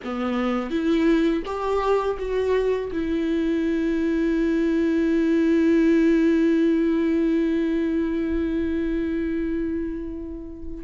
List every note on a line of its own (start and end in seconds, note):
0.04 0.70 B3
0.70 1.42 E4
1.45 2.17 G4
2.19 2.91 F#4
2.92 10.84 E4